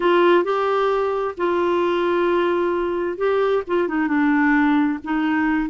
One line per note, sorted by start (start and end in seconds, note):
0.00 0.43 F4
0.43 1.34 G4
1.37 3.17 F4
3.17 3.62 G4
3.67 3.88 F4
3.88 4.07 D#4
4.07 4.98 D4
5.04 5.69 D#4